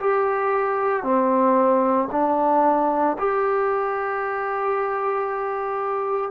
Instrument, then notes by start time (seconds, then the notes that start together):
trombone
0.00 G4
1.03 C4
2.12 D4
3.19 G4